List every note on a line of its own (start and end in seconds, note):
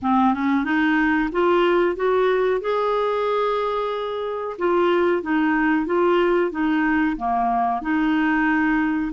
0.02 0.33 C4
0.33 0.64 C#4
0.64 1.29 D#4
1.32 1.96 F4
1.96 2.61 F#4
2.61 4.56 G#4
4.58 5.22 F4
5.22 5.85 D#4
5.85 6.51 F4
6.51 7.16 D#4
7.17 7.81 A#3
7.81 9.12 D#4